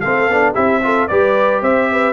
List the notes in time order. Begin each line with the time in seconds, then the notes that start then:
0.00 A3 C4 A4 F5
0.28 B3 D4
0.54 C4 E4 G4 E5
0.82 F4 A4
1.08 G3 G4 B4 D5
1.62 C4 C5 E5
1.92 B4